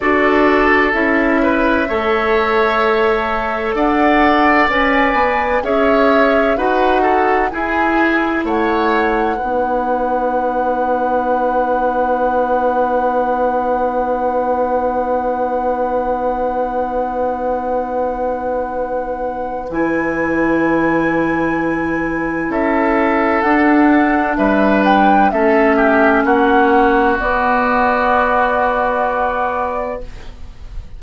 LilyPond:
<<
  \new Staff \with { instrumentName = "flute" } { \time 4/4 \tempo 4 = 64 d''4 e''2. | fis''4 gis''4 e''4 fis''4 | gis''4 fis''2.~ | fis''1~ |
fis''1~ | fis''4 gis''2. | e''4 fis''4 e''8 g''8 e''4 | fis''4 d''2. | }
  \new Staff \with { instrumentName = "oboe" } { \time 4/4 a'4. b'8 cis''2 | d''2 cis''4 b'8 a'8 | gis'4 cis''4 b'2~ | b'1~ |
b'1~ | b'1 | a'2 b'4 a'8 g'8 | fis'1 | }
  \new Staff \with { instrumentName = "clarinet" } { \time 4/4 fis'4 e'4 a'2~ | a'4 b'4 gis'4 fis'4 | e'2 dis'2~ | dis'1~ |
dis'1~ | dis'4 e'2.~ | e'4 d'2 cis'4~ | cis'4 b2. | }
  \new Staff \with { instrumentName = "bassoon" } { \time 4/4 d'4 cis'4 a2 | d'4 cis'8 b8 cis'4 dis'4 | e'4 a4 b2~ | b1~ |
b1~ | b4 e2. | cis'4 d'4 g4 a4 | ais4 b2. | }
>>